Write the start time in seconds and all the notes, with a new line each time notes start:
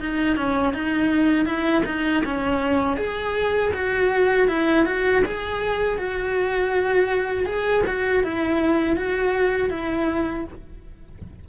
0.00 D#4
0.36 C#4
0.74 D#4
1.45 E4
1.86 D#4
2.25 C#4
2.97 G#4
3.74 F#4
4.48 E4
4.85 F#4
5.25 G#4
5.98 F#4
7.46 G#4
7.87 F#4
8.24 E4
8.96 F#4
9.70 E4